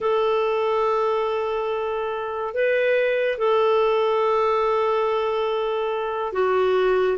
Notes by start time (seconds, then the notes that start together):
0.00 A4
2.54 B4
3.38 A4
6.33 F#4